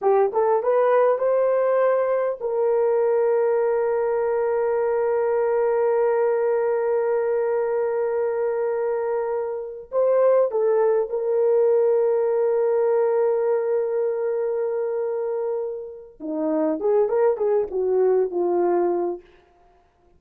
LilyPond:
\new Staff \with { instrumentName = "horn" } { \time 4/4 \tempo 4 = 100 g'8 a'8 b'4 c''2 | ais'1~ | ais'1~ | ais'1~ |
ais'8 c''4 a'4 ais'4.~ | ais'1~ | ais'2. dis'4 | gis'8 ais'8 gis'8 fis'4 f'4. | }